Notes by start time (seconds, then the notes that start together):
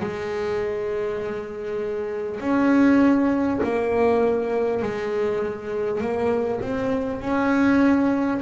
0.00 G#3
2.40 C#4
3.63 A#3
4.82 G#3
6.01 A#3
6.61 C4
7.21 C#4